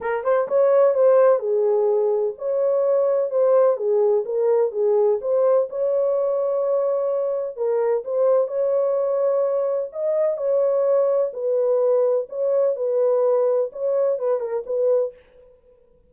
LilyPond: \new Staff \with { instrumentName = "horn" } { \time 4/4 \tempo 4 = 127 ais'8 c''8 cis''4 c''4 gis'4~ | gis'4 cis''2 c''4 | gis'4 ais'4 gis'4 c''4 | cis''1 |
ais'4 c''4 cis''2~ | cis''4 dis''4 cis''2 | b'2 cis''4 b'4~ | b'4 cis''4 b'8 ais'8 b'4 | }